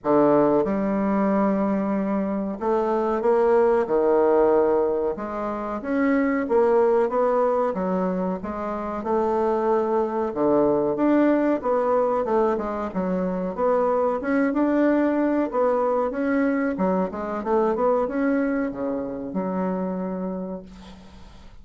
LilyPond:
\new Staff \with { instrumentName = "bassoon" } { \time 4/4 \tempo 4 = 93 d4 g2. | a4 ais4 dis2 | gis4 cis'4 ais4 b4 | fis4 gis4 a2 |
d4 d'4 b4 a8 gis8 | fis4 b4 cis'8 d'4. | b4 cis'4 fis8 gis8 a8 b8 | cis'4 cis4 fis2 | }